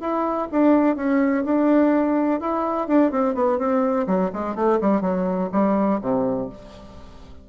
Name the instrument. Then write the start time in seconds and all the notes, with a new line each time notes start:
bassoon
0.00 E4
0.51 D4
0.96 C#4
1.45 D4
2.40 E4
2.88 D4
3.11 C4
3.34 B3
3.58 C4
4.07 F#3
4.33 G#3
4.55 A3
4.81 G3
5.01 F#3
5.52 G3
6.01 C3